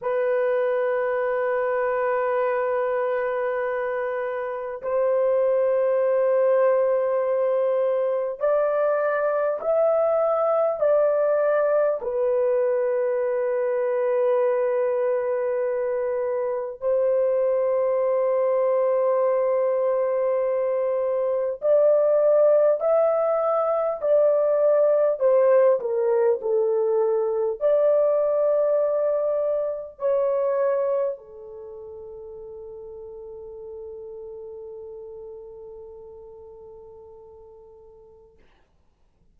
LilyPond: \new Staff \with { instrumentName = "horn" } { \time 4/4 \tempo 4 = 50 b'1 | c''2. d''4 | e''4 d''4 b'2~ | b'2 c''2~ |
c''2 d''4 e''4 | d''4 c''8 ais'8 a'4 d''4~ | d''4 cis''4 a'2~ | a'1 | }